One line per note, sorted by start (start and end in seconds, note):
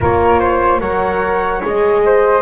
0.01 0.80 A#3
0.01 0.80 F4
0.01 0.39 A#4
0.01 0.80 C#5
0.39 0.80 C5
0.80 1.61 F#3
0.80 1.61 A#4
0.80 2.02 C#5
0.80 1.61 F#5
1.61 2.42 G#3
1.61 2.42 G#4
1.61 2.42 D#5
2.05 2.42 C5